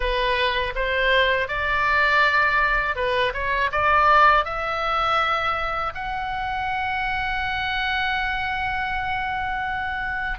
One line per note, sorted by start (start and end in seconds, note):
0.00 0.73 B4
0.75 1.47 C5
1.47 2.95 D5
2.95 3.32 B4
3.33 3.70 C#5
3.71 4.44 D5
4.44 5.93 E5
5.94 10.38 F#5